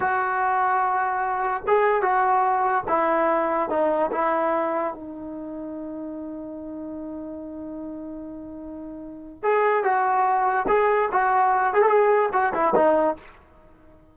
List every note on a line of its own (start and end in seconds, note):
0.00 1.63 F#4
1.67 2.02 G#4
2.02 2.84 F#4
2.88 3.69 E4
3.69 4.10 D#4
4.11 4.94 E4
4.94 9.42 D#4
9.42 9.83 G#4
9.83 10.66 F#4
10.68 11.09 G#4
11.12 11.73 F#4
11.73 11.82 G#4
11.82 11.88 A4
11.88 12.29 G#4
12.33 12.53 F#4
12.53 12.74 E4
12.75 13.16 D#4